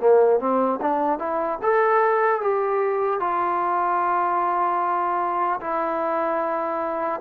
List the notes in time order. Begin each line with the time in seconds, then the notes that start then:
0.00 A#3
0.40 C4
0.81 D4
1.19 E4
1.63 A4
2.41 G4
3.20 F4
5.61 E4